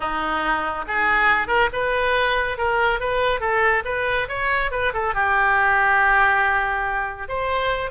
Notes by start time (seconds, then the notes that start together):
0.00 D#4
0.87 G#4
1.47 A#4
1.73 B4
2.57 A#4
3.00 B4
3.40 A4
3.85 B4
4.28 C#5
4.71 B4
4.93 A4
5.14 G4
7.28 C5